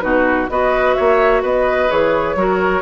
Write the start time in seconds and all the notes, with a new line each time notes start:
0.00 B2 D#4 F#4 B4
0.50 B3 F#4 B4 D#5
0.95 A#3 C#5 E5
1.42 B3 B4 D#5
1.89 E3 G#4 C#5
2.36 F#3 F#4 A#4